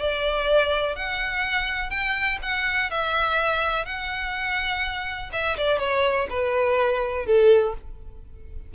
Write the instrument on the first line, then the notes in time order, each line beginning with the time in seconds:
violin
0.00 D5
0.95 F#5
1.90 G5
2.42 F#5
2.90 E5
3.85 F#5
5.32 E5
5.57 D5
5.78 C#5
6.29 B4
7.26 A4